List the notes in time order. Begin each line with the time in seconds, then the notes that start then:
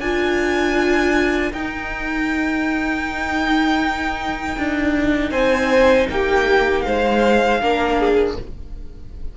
0.00 D4 F4 A#4 G#5
1.53 D#4 G5
4.58 D4
5.31 C4 C5 G#5
6.10 A#3 G4 G5
6.82 G#3 C5 F5
7.61 A#3 D4 A#4
7.99 G#4